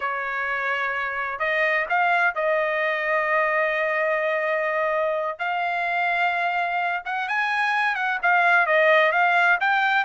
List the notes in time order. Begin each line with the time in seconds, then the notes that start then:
0.00 C#5
1.39 D#5
1.89 F5
2.34 D#5
5.38 F5
7.05 F#5
7.28 G#5
7.95 F#5
8.22 F5
8.66 D#5
9.12 F5
9.60 G5